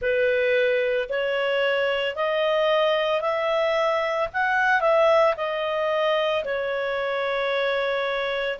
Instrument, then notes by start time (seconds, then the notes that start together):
clarinet
0.01 B4
1.09 C#5
2.15 D#5
3.21 E5
4.33 F#5
4.80 E5
5.36 D#5
6.44 C#5